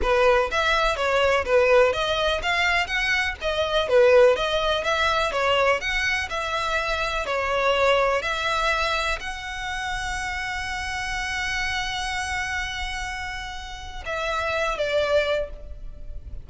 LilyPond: \new Staff \with { instrumentName = "violin" } { \time 4/4 \tempo 4 = 124 b'4 e''4 cis''4 b'4 | dis''4 f''4 fis''4 dis''4 | b'4 dis''4 e''4 cis''4 | fis''4 e''2 cis''4~ |
cis''4 e''2 fis''4~ | fis''1~ | fis''1~ | fis''4 e''4. d''4. | }